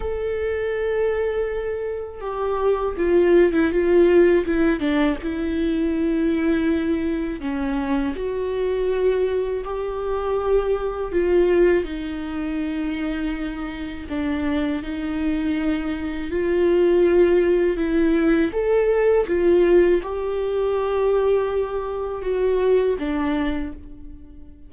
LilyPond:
\new Staff \with { instrumentName = "viola" } { \time 4/4 \tempo 4 = 81 a'2. g'4 | f'8. e'16 f'4 e'8 d'8 e'4~ | e'2 cis'4 fis'4~ | fis'4 g'2 f'4 |
dis'2. d'4 | dis'2 f'2 | e'4 a'4 f'4 g'4~ | g'2 fis'4 d'4 | }